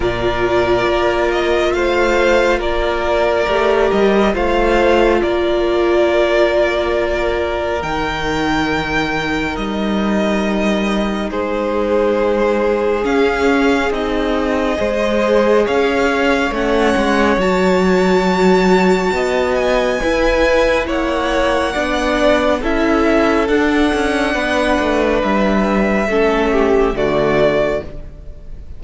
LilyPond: <<
  \new Staff \with { instrumentName = "violin" } { \time 4/4 \tempo 4 = 69 d''4. dis''8 f''4 d''4~ | d''8 dis''8 f''4 d''2~ | d''4 g''2 dis''4~ | dis''4 c''2 f''4 |
dis''2 f''4 fis''4 | a''2~ a''8 gis''4. | fis''2 e''4 fis''4~ | fis''4 e''2 d''4 | }
  \new Staff \with { instrumentName = "violin" } { \time 4/4 ais'2 c''4 ais'4~ | ais'4 c''4 ais'2~ | ais'1~ | ais'4 gis'2.~ |
gis'4 c''4 cis''2~ | cis''2 dis''4 b'4 | cis''4 d''4 a'2 | b'2 a'8 g'8 fis'4 | }
  \new Staff \with { instrumentName = "viola" } { \time 4/4 f'1 | g'4 f'2.~ | f'4 dis'2.~ | dis'2. cis'4 |
dis'4 gis'2 cis'4 | fis'2. e'4~ | e'4 d'4 e'4 d'4~ | d'2 cis'4 a4 | }
  \new Staff \with { instrumentName = "cello" } { \time 4/4 ais,4 ais4 a4 ais4 | a8 g8 a4 ais2~ | ais4 dis2 g4~ | g4 gis2 cis'4 |
c'4 gis4 cis'4 a8 gis8 | fis2 b4 e'4 | ais4 b4 cis'4 d'8 cis'8 | b8 a8 g4 a4 d4 | }
>>